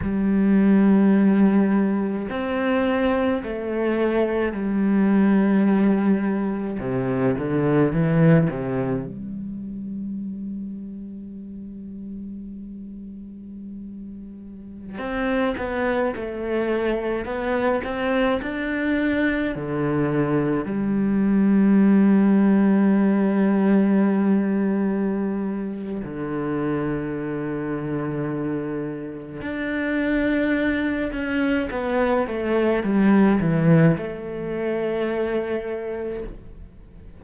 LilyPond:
\new Staff \with { instrumentName = "cello" } { \time 4/4 \tempo 4 = 53 g2 c'4 a4 | g2 c8 d8 e8 c8 | g1~ | g4~ g16 c'8 b8 a4 b8 c'16~ |
c'16 d'4 d4 g4.~ g16~ | g2. d4~ | d2 d'4. cis'8 | b8 a8 g8 e8 a2 | }